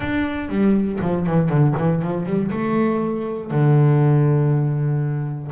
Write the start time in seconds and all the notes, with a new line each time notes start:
0.00 D4
0.49 G3
1.01 F3
1.26 E3
1.49 D3
1.77 E3
2.01 F3
2.25 G3
2.51 A3
3.50 D3